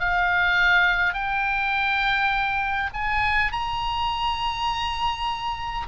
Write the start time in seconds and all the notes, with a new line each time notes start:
0.00 F5
1.14 G5
2.94 G#5
3.52 A#5